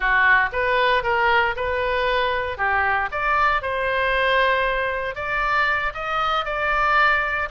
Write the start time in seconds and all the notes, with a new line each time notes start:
0.00 F#4
0.52 B4
1.03 A#4
1.56 B4
2.57 G4
3.11 D5
3.62 C5
5.15 D5
5.94 D#5
6.45 D5